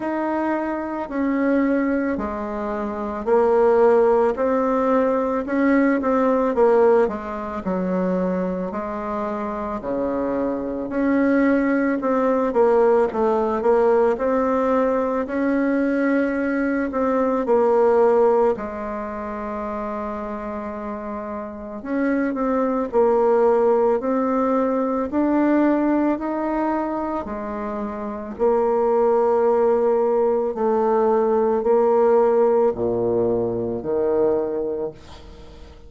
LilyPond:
\new Staff \with { instrumentName = "bassoon" } { \time 4/4 \tempo 4 = 55 dis'4 cis'4 gis4 ais4 | c'4 cis'8 c'8 ais8 gis8 fis4 | gis4 cis4 cis'4 c'8 ais8 | a8 ais8 c'4 cis'4. c'8 |
ais4 gis2. | cis'8 c'8 ais4 c'4 d'4 | dis'4 gis4 ais2 | a4 ais4 ais,4 dis4 | }